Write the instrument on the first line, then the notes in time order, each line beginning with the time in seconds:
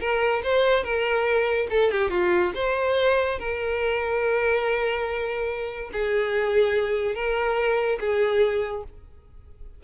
violin
0.00 A#4
0.43 C5
0.83 A#4
1.70 A4
1.91 G4
2.10 F4
2.54 C5
3.38 A#4
5.92 G#4
7.14 A#4
7.99 G#4